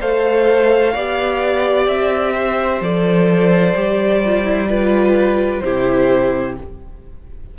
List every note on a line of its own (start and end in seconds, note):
0.00 0.95 A3
0.00 0.95 A4
0.00 0.93 C5
0.00 1.87 F5
0.93 1.87 B3
0.93 2.82 G4
0.93 2.33 D5
1.87 2.80 C4
1.87 2.81 E5
2.34 4.69 C5
2.80 3.74 F3
2.80 3.75 A4
2.80 5.59 D5
3.74 5.62 G3
3.74 4.22 G4
4.25 4.44 F4
4.44 4.67 E4
4.68 5.62 F4
4.68 5.63 B4
5.59 6.58 C3
5.59 6.58 E4
5.59 6.57 G4
5.59 6.53 C5